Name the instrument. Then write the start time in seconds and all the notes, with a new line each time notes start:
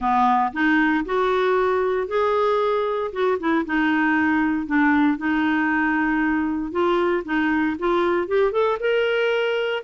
clarinet
0.00 B3
0.52 D#4
1.05 F#4
2.07 G#4
3.12 F#4
3.39 E4
3.65 D#4
4.66 D4
5.17 D#4
6.71 F4
7.25 D#4
7.78 F4
8.27 G4
8.52 A4
8.80 A#4